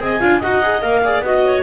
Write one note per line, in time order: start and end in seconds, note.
0.00 0.20 C4
0.00 0.21 G#4
0.00 0.20 D#5
0.00 0.43 G#5
0.20 0.43 D4
0.20 0.41 F4
0.20 0.40 F5
0.40 0.83 D#4
0.40 0.63 F#4
0.40 1.01 D#5
0.40 0.82 F#5
0.63 0.83 G#4
0.82 1.21 A#3
0.82 1.03 A#4
0.82 1.23 F5
1.05 1.25 G#4
1.05 1.25 D5
1.21 1.61 B3
1.21 1.63 F#4
1.21 1.63 D#5
1.27 1.46 D#5
1.46 1.63 C#5